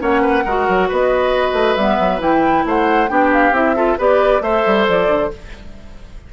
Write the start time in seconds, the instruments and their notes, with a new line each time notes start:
0.00 bassoon A#3, clarinet C#4, oboe C#5, flute F#5
0.22 oboe B4
0.45 bassoon G#3, clarinet F#4, oboe A#4
0.69 bassoon F#3
0.89 bassoon B3, oboe B4, flute D#5
1.53 bassoon A3
1.76 bassoon G3, clarinet B3, flute E5
2.00 bassoon F#3
2.19 bassoon E3, clarinet E4, flute G5
2.66 bassoon A3, oboe C5, flute F#5
3.09 bassoon B3, clarinet D4, oboe G4, flute G5
3.33 flute F5
3.51 bassoon C4, clarinet E4, flute E5
3.76 clarinet F4, oboe A4
3.98 bassoon B3, clarinet G4, oboe B4, flute D5
4.41 bassoon A3, clarinet A4, oboe C5, flute E5
4.67 bassoon G3
4.89 bassoon F3, flute D5
5.08 bassoon D3